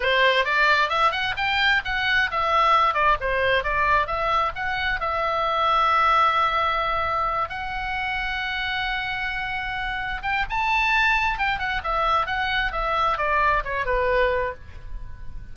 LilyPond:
\new Staff \with { instrumentName = "oboe" } { \time 4/4 \tempo 4 = 132 c''4 d''4 e''8 fis''8 g''4 | fis''4 e''4. d''8 c''4 | d''4 e''4 fis''4 e''4~ | e''1~ |
e''8 fis''2.~ fis''8~ | fis''2~ fis''8 g''8 a''4~ | a''4 g''8 fis''8 e''4 fis''4 | e''4 d''4 cis''8 b'4. | }